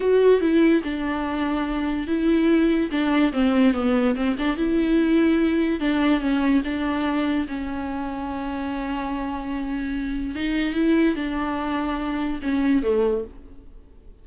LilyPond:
\new Staff \with { instrumentName = "viola" } { \time 4/4 \tempo 4 = 145 fis'4 e'4 d'2~ | d'4 e'2 d'4 | c'4 b4 c'8 d'8 e'4~ | e'2 d'4 cis'4 |
d'2 cis'2~ | cis'1~ | cis'4 dis'4 e'4 d'4~ | d'2 cis'4 a4 | }